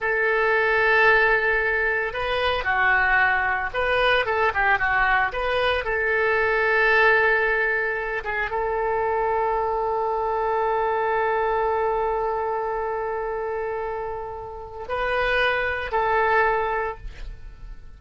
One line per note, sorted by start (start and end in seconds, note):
0.00 2.13 A4
2.13 2.64 B4
2.64 3.70 F#4
3.73 4.25 B4
4.25 4.52 A4
4.54 4.78 G4
4.78 5.31 F#4
5.32 5.84 B4
5.84 8.23 A4
8.24 8.50 G#4
8.50 14.87 A4
14.88 15.91 B4
15.91 16.97 A4